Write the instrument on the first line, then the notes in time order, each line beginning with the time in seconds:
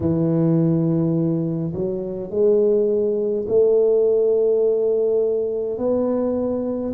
tuba
0.00 E3
1.74 F#3
2.30 G#3
3.48 A3
5.77 B3